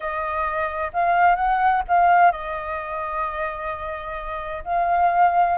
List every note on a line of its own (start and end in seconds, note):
0.00 0.91 D#5
0.93 1.35 F5
1.35 1.82 F#5
1.88 2.31 F5
2.31 4.64 D#5
4.64 5.57 F5